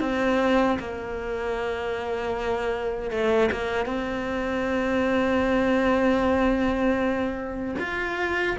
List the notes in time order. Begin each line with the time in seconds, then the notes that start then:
0.00 C4
0.79 A#3
3.11 A3
3.52 A#3
3.85 C4
7.79 F4